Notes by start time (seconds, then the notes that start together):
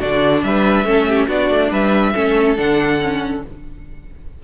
0.00 D3 D4 F#4 D5
0.44 G3 B4 E5
0.85 A3 C#4 A4
1.09 G4
1.28 B3 D4 F#4 D5
1.50 A3
1.71 G3 B4 E5
2.15 A3 C#4 A4
2.57 D3 D4 F#5
3.02 C#4